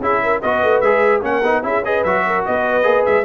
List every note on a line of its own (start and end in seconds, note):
0.00 0.41 C#4
0.00 0.42 E4
0.00 0.22 G#4
0.00 0.42 E5
0.23 0.43 A#4
0.42 0.63 B3
0.42 0.84 F#4
0.42 1.23 B4
0.42 0.80 D#5
0.63 0.82 A3
0.80 1.22 G#3
0.80 1.22 G#4
0.80 1.21 E5
1.22 1.42 A#3
1.22 1.42 C#4
1.22 1.64 A#4
1.22 1.65 F#5
1.43 1.63 B3
1.43 1.63 D#4
1.63 2.03 C#4
1.63 1.83 E4
1.63 1.85 G#4
1.63 1.84 E5
1.84 2.05 G#4
1.84 2.25 B4
1.84 2.03 D#5
2.03 2.45 F#3
2.03 2.83 F#4
2.03 2.44 E5
2.26 2.47 A#4
2.46 2.84 B3
2.46 3.24 B4
2.46 3.05 D#5
2.83 3.04 A#3
2.83 3.23 G#4
3.05 3.24 G#3
3.05 3.24 E5